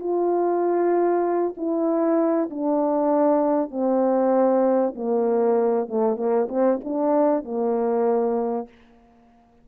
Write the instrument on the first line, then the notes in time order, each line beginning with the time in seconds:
horn
0.00 F4
1.57 E4
2.50 D4
3.71 C4
4.95 A#3
5.88 A3
6.17 A#3
6.49 C4
6.84 D4
7.45 A#3